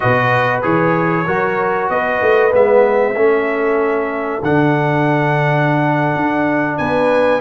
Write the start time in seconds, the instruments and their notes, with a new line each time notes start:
0.00 tuba B2, trombone F#4, horn B4, trumpet D#5
0.62 tuba E3, trombone G#4, trumpet C#5
1.26 tuba F#3, trombone F#4, horn A#4
1.89 tuba B3, horn B4, trumpet D#5
2.21 tuba A3
2.51 tuba G#3, trombone B3, trumpet E5
3.15 tuba A3, trombone C#4, horn A4
4.42 tuba D3, trombone D4, trumpet F#5
6.15 tuba D4
6.77 tuba B3, horn B4, trumpet G#5